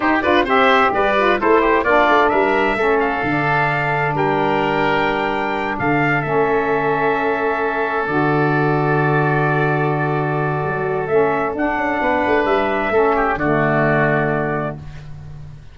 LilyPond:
<<
  \new Staff \with { instrumentName = "trumpet" } { \time 4/4 \tempo 4 = 130 c''8 d''8 e''4 d''4 c''4 | d''4 e''4. f''4.~ | f''4 g''2.~ | g''8 f''4 e''2~ e''8~ |
e''4. d''2~ d''8~ | d''1 | e''4 fis''2 e''4~ | e''4 d''2. | }
  \new Staff \with { instrumentName = "oboe" } { \time 4/4 g'8 b'8 c''4 b'4 a'8 g'8 | f'4 ais'4 a'2~ | a'4 ais'2.~ | ais'8 a'2.~ a'8~ |
a'1~ | a'1~ | a'2 b'2 | a'8 g'8 fis'2. | }
  \new Staff \with { instrumentName = "saxophone" } { \time 4/4 dis'8 f'8 g'4. f'8 e'4 | d'2 cis'4 d'4~ | d'1~ | d'4. cis'2~ cis'8~ |
cis'4. fis'2~ fis'8~ | fis'1 | cis'4 d'2. | cis'4 a2. | }
  \new Staff \with { instrumentName = "tuba" } { \time 4/4 dis'8 d'8 c'4 g4 a4 | ais8 a8 g4 a4 d4~ | d4 g2.~ | g8 d4 a2~ a8~ |
a4. d2~ d8~ | d2. fis4 | a4 d'8 cis'8 b8 a8 g4 | a4 d2. | }
>>